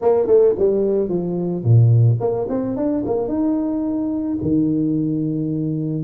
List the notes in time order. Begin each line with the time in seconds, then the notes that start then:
0.01 A#3
0.27 A3
0.58 G3
1.09 F3
1.64 A#2
2.20 A#3
2.49 C4
2.76 D4
3.05 A#3
3.28 D#4
4.42 D#3